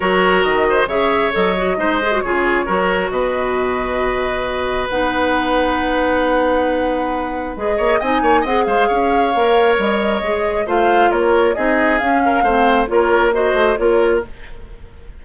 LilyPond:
<<
  \new Staff \with { instrumentName = "flute" } { \time 4/4 \tempo 4 = 135 cis''4 dis''4 e''4 dis''4~ | dis''4 cis''2 dis''4~ | dis''2. fis''4~ | fis''1~ |
fis''4 dis''4 gis''4 fis''8 f''8~ | f''2 dis''2 | f''4 cis''4 dis''4 f''4~ | f''4 cis''4 dis''4 cis''4 | }
  \new Staff \with { instrumentName = "oboe" } { \time 4/4 ais'4. c''8 cis''2 | c''4 gis'4 ais'4 b'4~ | b'1~ | b'1~ |
b'4. cis''8 dis''8 cis''8 dis''8 c''8 | cis''1 | c''4 ais'4 gis'4. ais'8 | c''4 ais'4 c''4 ais'4 | }
  \new Staff \with { instrumentName = "clarinet" } { \time 4/4 fis'2 gis'4 a'8 fis'8 | dis'8 gis'16 fis'16 f'4 fis'2~ | fis'2. dis'4~ | dis'1~ |
dis'4 gis'4 dis'4 gis'4~ | gis'4 ais'2 gis'4 | f'2 dis'4 cis'4 | c'4 f'4 fis'4 f'4 | }
  \new Staff \with { instrumentName = "bassoon" } { \time 4/4 fis4 dis4 cis4 fis4 | gis4 cis4 fis4 b,4~ | b,2. b4~ | b1~ |
b4 gis8 ais8 c'8 ais8 c'8 gis8 | cis'4 ais4 g4 gis4 | a4 ais4 c'4 cis'4 | a4 ais4. a8 ais4 | }
>>